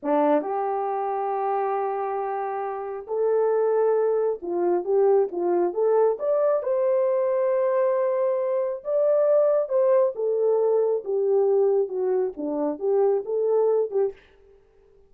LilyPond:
\new Staff \with { instrumentName = "horn" } { \time 4/4 \tempo 4 = 136 d'4 g'2.~ | g'2. a'4~ | a'2 f'4 g'4 | f'4 a'4 d''4 c''4~ |
c''1 | d''2 c''4 a'4~ | a'4 g'2 fis'4 | d'4 g'4 a'4. g'8 | }